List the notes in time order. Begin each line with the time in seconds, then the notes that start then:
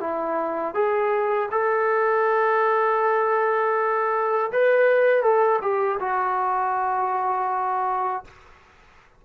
0.00 E4
0.75 G#4
1.52 A4
4.52 B4
5.23 A4
5.62 G4
6.00 F#4